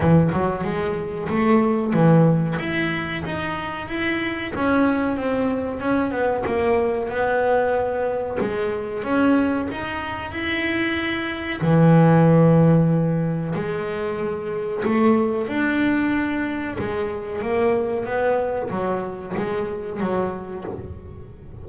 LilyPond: \new Staff \with { instrumentName = "double bass" } { \time 4/4 \tempo 4 = 93 e8 fis8 gis4 a4 e4 | e'4 dis'4 e'4 cis'4 | c'4 cis'8 b8 ais4 b4~ | b4 gis4 cis'4 dis'4 |
e'2 e2~ | e4 gis2 a4 | d'2 gis4 ais4 | b4 fis4 gis4 fis4 | }